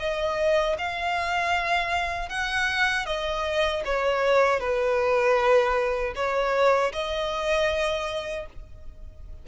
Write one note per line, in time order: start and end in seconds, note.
0.00 0.77 D#5
0.79 2.29 F5
2.29 3.06 F#5
3.06 3.83 D#5
3.86 4.60 C#5
4.60 6.14 B4
6.16 6.93 C#5
6.93 8.47 D#5